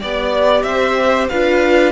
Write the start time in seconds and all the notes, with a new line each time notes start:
0.00 B3 G4 D5
0.63 C4 C5 E5
1.29 D4 F4 B4 F5